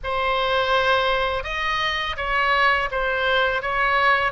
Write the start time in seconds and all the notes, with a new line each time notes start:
0.03 C5
1.43 D#5
2.17 C#5
2.91 C5
3.61 C#5